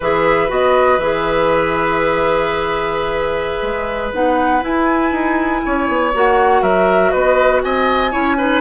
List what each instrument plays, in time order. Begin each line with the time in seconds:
0.00 bassoon E3, clarinet G#4, oboe B4, flute E5
0.48 bassoon B3, clarinet F#4, flute D#5
0.97 bassoon E3, clarinet G#4, flute E5
3.61 bassoon G#3
4.13 bassoon B3, clarinet D#4, flute F#5
4.61 clarinet E4, bassoon E4, flute G#5
5.11 bassoon D#4
5.65 bassoon C#4, oboe C#5
5.88 bassoon B3
6.14 bassoon A#3, clarinet F#4, flute F#5
6.61 bassoon F#3, oboe A#4, flute E5
7.10 bassoon B3, oboe B4, flute D#5
7.62 bassoon C4, oboe D#5, flute G#5
8.11 bassoon C#4, clarinet E4, oboe C#5
8.37 clarinet D#4, oboe B4